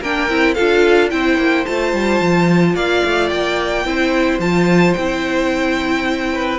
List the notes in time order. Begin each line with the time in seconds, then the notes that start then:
0.00 A#3 D4 A#4 G5
0.29 C4 E4
0.54 D4 F4 A4 F5
1.10 C4 E4 C5 G5
1.37 A#3
1.65 A3 F4 A5
1.93 G3
2.20 F3
2.74 A#3 D5 F5
3.04 A3
3.29 A#3 G5
3.84 C4 E4 C5
4.38 F3 F4 A5
4.93 C4 E4 G5
6.33 B4